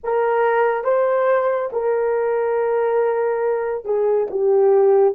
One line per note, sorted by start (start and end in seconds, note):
0.03 0.84 A#4
0.84 1.69 C5
1.72 3.84 A#4
3.84 4.27 G#4
4.30 5.14 G4